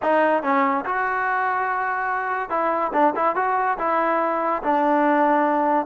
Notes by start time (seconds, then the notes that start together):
0.02 D#4
0.43 C#4
0.85 F#4
2.49 E4
2.93 D4
3.15 E4
3.35 F#4
3.78 E4
4.62 D4